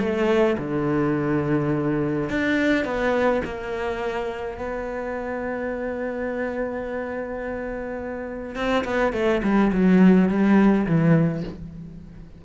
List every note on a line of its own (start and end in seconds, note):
0.00 0.57 A3
0.58 2.30 D3
2.30 2.85 D4
2.85 3.42 B3
3.45 4.58 A#3
4.58 8.56 B3
8.56 8.84 C4
8.84 9.13 B3
9.13 9.42 A3
9.43 9.72 G3
9.73 10.29 F#3
10.29 10.86 G3
10.87 11.44 E3